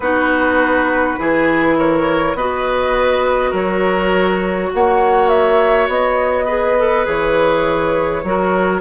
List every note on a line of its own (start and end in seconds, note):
0.00 1.15 B3
0.00 1.18 D#4
0.00 1.19 F#4
0.00 1.75 B4
1.18 2.34 E3
1.18 2.36 E4
1.18 1.78 G#4
1.78 2.37 A#4
1.78 2.36 C#5
2.34 3.52 B3
2.34 6.48 F#4
2.34 3.50 B4
2.34 3.53 D#5
3.50 4.70 F#3
3.50 4.68 A#4
3.50 4.72 C#5
4.73 5.88 A#3
4.73 6.45 C#5
4.73 5.28 F#5
5.28 5.87 E5
5.88 7.05 B3
5.88 7.06 D#5
6.45 6.77 G#4
6.45 8.21 B4
6.78 7.05 A4
7.05 8.23 E3
7.05 8.23 G#4
7.05 8.80 C#5
8.23 8.80 F#3
8.23 8.80 F#4
8.23 8.80 A#4